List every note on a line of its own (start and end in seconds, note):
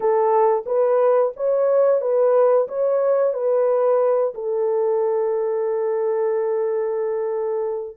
0.00 0.64 A4
0.66 1.32 B4
1.36 2.01 C#5
2.01 2.67 B4
2.68 3.33 C#5
3.33 4.33 B4
4.34 7.97 A4